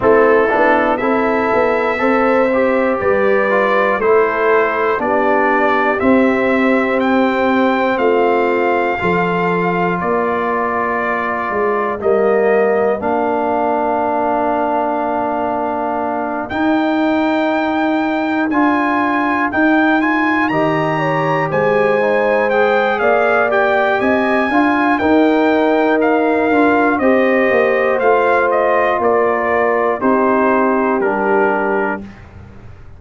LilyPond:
<<
  \new Staff \with { instrumentName = "trumpet" } { \time 4/4 \tempo 4 = 60 a'4 e''2 d''4 | c''4 d''4 e''4 g''4 | f''2 d''2 | dis''4 f''2.~ |
f''8 g''2 gis''4 g''8 | gis''8 ais''4 gis''4 g''8 f''8 g''8 | gis''4 g''4 f''4 dis''4 | f''8 dis''8 d''4 c''4 ais'4 | }
  \new Staff \with { instrumentName = "horn" } { \time 4/4 e'4 a'4 c''4 b'4 | a'4 g'2. | f'4 a'4 ais'2~ | ais'1~ |
ais'1~ | ais'8 dis''8 cis''8 c''4. d''4 | dis''8 f''8 ais'2 c''4~ | c''4 ais'4 g'2 | }
  \new Staff \with { instrumentName = "trombone" } { \time 4/4 c'8 d'8 e'4 a'8 g'4 f'8 | e'4 d'4 c'2~ | c'4 f'2. | ais4 d'2.~ |
d'8 dis'2 f'4 dis'8 | f'8 g'4. dis'8 gis'4 g'8~ | g'8 f'8 dis'4. f'8 g'4 | f'2 dis'4 d'4 | }
  \new Staff \with { instrumentName = "tuba" } { \time 4/4 a8 b8 c'8 b8 c'4 g4 | a4 b4 c'2 | a4 f4 ais4. gis8 | g4 ais2.~ |
ais8 dis'2 d'4 dis'8~ | dis'8 dis4 gis4. ais4 | c'8 d'8 dis'4. d'8 c'8 ais8 | a4 ais4 c'4 g4 | }
>>